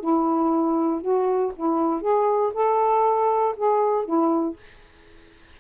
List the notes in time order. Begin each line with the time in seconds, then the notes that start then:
0.00 E4
1.01 F#4
1.56 E4
2.02 G#4
2.54 A4
3.56 G#4
4.05 E4